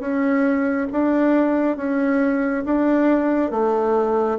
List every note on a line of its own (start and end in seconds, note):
0.00 0.87 C#4
0.92 1.77 D4
1.77 2.64 C#4
2.65 3.51 D4
3.51 4.38 A3